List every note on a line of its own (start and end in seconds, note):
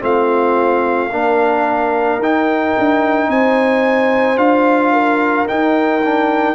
0.00 1.11 A3
0.00 1.09 C4
0.00 1.11 F4
0.00 2.22 F5
1.11 2.18 A#3
1.11 2.21 D4
1.11 3.29 A#4
2.18 2.72 D#4
2.18 4.37 D#4
2.18 3.30 G5
2.78 3.28 D4
3.28 4.37 C4
3.28 4.93 C5
3.28 4.37 G#5
4.37 5.46 D4
4.37 5.46 F4
4.37 5.46 F5
4.93 6.55 A#4
5.46 6.01 D#4
5.46 6.55 D#4
5.46 6.55 G5
6.04 6.55 D4